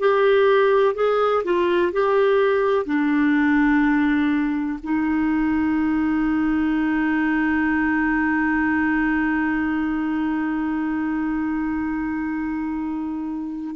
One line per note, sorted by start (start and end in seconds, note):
0.00 0.95 G4
0.95 1.44 G#4
1.44 1.93 F4
1.93 2.86 G4
2.86 4.80 D4
4.84 13.76 D#4